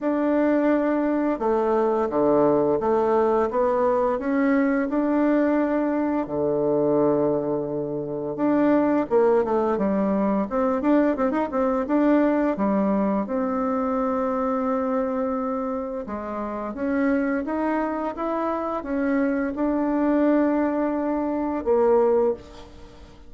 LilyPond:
\new Staff \with { instrumentName = "bassoon" } { \time 4/4 \tempo 4 = 86 d'2 a4 d4 | a4 b4 cis'4 d'4~ | d'4 d2. | d'4 ais8 a8 g4 c'8 d'8 |
c'16 dis'16 c'8 d'4 g4 c'4~ | c'2. gis4 | cis'4 dis'4 e'4 cis'4 | d'2. ais4 | }